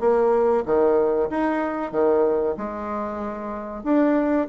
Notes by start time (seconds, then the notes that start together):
0.00 A#3
0.66 D#3
1.30 D#4
1.92 D#3
2.57 G#3
3.84 D4